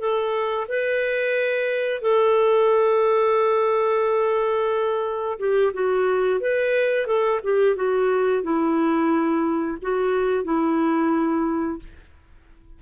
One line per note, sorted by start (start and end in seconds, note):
0.00 0.67 A4
0.68 2.02 B4
2.02 5.39 A4
5.39 5.73 G4
5.74 6.40 F#4
6.40 7.07 B4
7.07 7.41 A4
7.44 7.76 G4
7.76 8.43 F#4
8.43 9.78 E4
9.82 10.44 F#4
10.44 11.79 E4